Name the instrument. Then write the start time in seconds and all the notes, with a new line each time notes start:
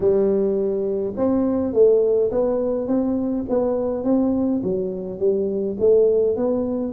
tuba
0.00 G3
1.16 C4
1.73 A3
2.31 B3
2.87 C4
3.49 B3
4.04 C4
4.63 F#3
5.19 G3
5.79 A3
6.36 B3